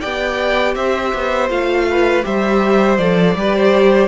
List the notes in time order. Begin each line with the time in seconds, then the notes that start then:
0.00 B3 G4 D5 G5
0.75 C4 C5 E5
1.14 B3
1.49 A3 F4 F5
1.90 B4
2.22 G3 G4 C5 E5
2.97 F3 A4 D5
3.34 G3 G4 B4
3.55 C5